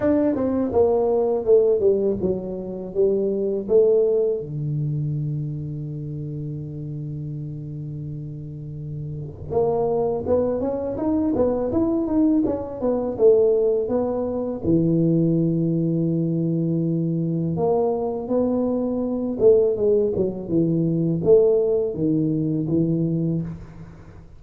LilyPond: \new Staff \with { instrumentName = "tuba" } { \time 4/4 \tempo 4 = 82 d'8 c'8 ais4 a8 g8 fis4 | g4 a4 d2~ | d1~ | d4 ais4 b8 cis'8 dis'8 b8 |
e'8 dis'8 cis'8 b8 a4 b4 | e1 | ais4 b4. a8 gis8 fis8 | e4 a4 dis4 e4 | }